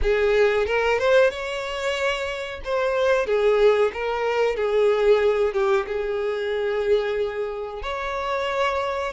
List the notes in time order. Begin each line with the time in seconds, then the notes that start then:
0.02 G#4
0.66 A#4
0.98 C5
1.30 C#5
2.64 C5
3.26 G#4
3.93 A#4
4.56 G#4
5.53 G4
5.87 G#4
7.82 C#5